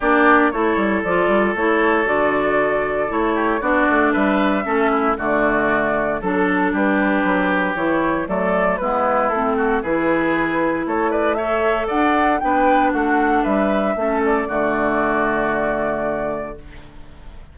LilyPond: <<
  \new Staff \with { instrumentName = "flute" } { \time 4/4 \tempo 4 = 116 d''4 cis''4 d''4 cis''4 | d''2 cis''4 d''4 | e''2 d''2 | a'4 b'2 cis''4 |
d''4 b'4 a'4 b'4~ | b'4 cis''8 d''8 e''4 fis''4 | g''4 fis''4 e''4. d''8~ | d''1 | }
  \new Staff \with { instrumentName = "oboe" } { \time 4/4 g'4 a'2.~ | a'2~ a'8 g'8 fis'4 | b'4 a'8 e'8 fis'2 | a'4 g'2. |
a'4 e'4. fis'8 gis'4~ | gis'4 a'8 b'8 cis''4 d''4 | b'4 fis'4 b'4 a'4 | fis'1 | }
  \new Staff \with { instrumentName = "clarinet" } { \time 4/4 d'4 e'4 f'4 e'4 | fis'2 e'4 d'4~ | d'4 cis'4 a2 | d'2. e'4 |
a4 b4 c'4 e'4~ | e'2 a'2 | d'2. cis'4 | a1 | }
  \new Staff \with { instrumentName = "bassoon" } { \time 4/4 ais4 a8 g8 f8 g8 a4 | d2 a4 b8 a8 | g4 a4 d2 | fis4 g4 fis4 e4 |
fis4 gis4 a4 e4~ | e4 a2 d'4 | b4 a4 g4 a4 | d1 | }
>>